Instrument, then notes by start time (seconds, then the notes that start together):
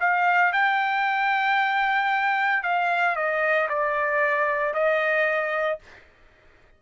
trumpet
0.00 F5
0.52 G5
2.63 F5
3.15 D#5
3.68 D5
4.74 D#5